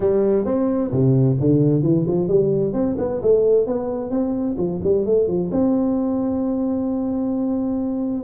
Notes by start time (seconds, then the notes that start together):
0.00 G3
0.45 C4
0.91 C3
1.40 D3
1.83 E3
2.07 F3
2.28 G3
2.73 C4
2.98 B3
3.22 A3
3.66 B3
4.10 C4
4.57 F3
4.83 G3
5.05 A3
5.27 F3
5.51 C4